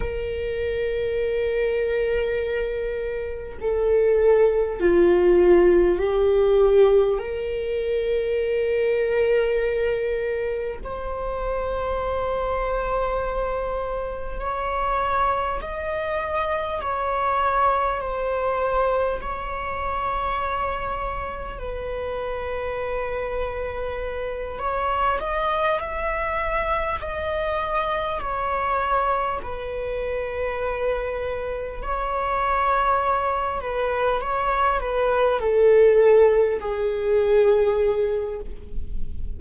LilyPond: \new Staff \with { instrumentName = "viola" } { \time 4/4 \tempo 4 = 50 ais'2. a'4 | f'4 g'4 ais'2~ | ais'4 c''2. | cis''4 dis''4 cis''4 c''4 |
cis''2 b'2~ | b'8 cis''8 dis''8 e''4 dis''4 cis''8~ | cis''8 b'2 cis''4. | b'8 cis''8 b'8 a'4 gis'4. | }